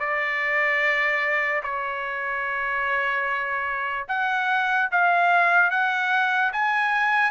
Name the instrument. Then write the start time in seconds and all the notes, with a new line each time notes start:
trumpet
0.00 D5
1.63 C#5
4.08 F#5
4.92 F5
5.71 F#5
6.53 G#5